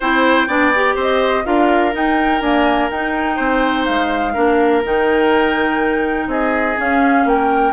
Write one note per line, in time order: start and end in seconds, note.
0.00 0.47 C4
0.00 0.48 E4
0.00 0.47 C5
0.00 0.97 G5
0.47 0.95 B3
0.47 0.73 D4
0.47 0.95 D5
0.75 1.44 G4
0.95 1.44 C4
0.95 1.43 C5
0.95 1.45 D#5
1.44 1.94 D4
1.44 1.92 F4
1.44 3.35 A#4
1.44 1.94 F5
1.92 2.40 D#4
1.92 2.41 D#4
1.92 2.41 G5
2.41 2.91 A#3
2.41 2.89 D4
2.41 2.89 G#5
2.90 3.38 D#4
2.90 4.34 D#4
2.90 3.85 G5
3.35 3.87 C4
3.35 4.32 C5
3.85 4.36 G#3
3.85 4.81 F5
4.33 4.84 A#3
4.33 4.83 D4
4.33 6.27 A#4
4.84 6.27 D#3
4.84 6.77 D#4
4.84 6.30 G5
6.27 6.75 C4
6.27 7.26 G#4
6.27 6.78 D#5
6.77 7.72 C#4
6.77 7.25 C#4
6.77 7.27 F5
7.25 7.72 A#3
7.25 7.72 G5
7.31 7.72 A#4